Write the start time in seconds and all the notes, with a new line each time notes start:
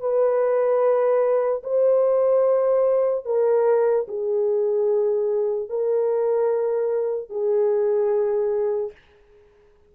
0.00 B4
1.63 C5
3.25 A#4
4.08 G#4
5.69 A#4
7.29 G#4